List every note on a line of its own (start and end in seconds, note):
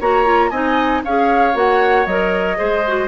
0.00 0.51 A#3
0.00 0.25 F#4
0.00 0.50 C#5
0.00 0.50 A#5
0.25 0.51 F4
0.50 1.02 C4
0.50 1.04 D#4
0.50 1.02 D#5
0.50 1.01 G#5
1.04 1.54 C#4
1.04 1.53 G#4
1.04 2.58 C#5
1.04 1.56 F5
1.53 2.06 A#3
1.53 2.05 F#4
1.53 2.06 F#5
2.06 2.57 F#3
2.06 2.56 A#4
2.06 3.08 D#5
2.56 3.08 G#3
2.56 2.82 G#4
2.56 3.08 C5
2.87 3.08 F#4